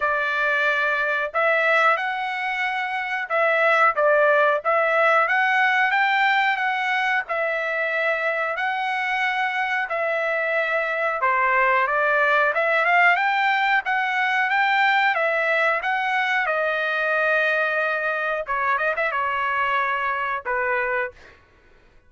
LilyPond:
\new Staff \with { instrumentName = "trumpet" } { \time 4/4 \tempo 4 = 91 d''2 e''4 fis''4~ | fis''4 e''4 d''4 e''4 | fis''4 g''4 fis''4 e''4~ | e''4 fis''2 e''4~ |
e''4 c''4 d''4 e''8 f''8 | g''4 fis''4 g''4 e''4 | fis''4 dis''2. | cis''8 dis''16 e''16 cis''2 b'4 | }